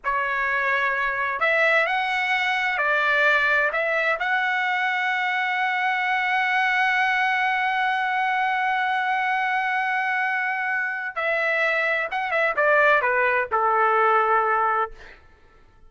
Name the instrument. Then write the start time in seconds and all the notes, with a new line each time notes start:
trumpet
0.04 C#5
1.40 E5
1.86 F#5
2.78 D5
3.72 E5
4.19 F#5
11.15 E5
12.11 F#5
12.31 E5
12.56 D5
13.01 B4
13.51 A4